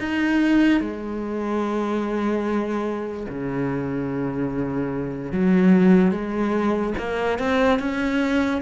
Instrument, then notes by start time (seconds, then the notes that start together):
cello
0.00 D#4
0.81 G#3
3.29 C#3
5.32 F#3
6.12 G#3
6.98 A#3
7.39 C4
7.79 C#4